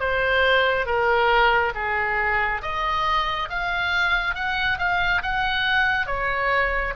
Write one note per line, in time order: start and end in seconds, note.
0.00 0.86 C5
0.86 1.73 A#4
1.75 2.62 G#4
2.62 3.49 D#5
3.49 4.35 F5
4.35 4.78 F#5
4.78 5.22 F5
5.22 6.06 F#5
6.06 6.93 C#5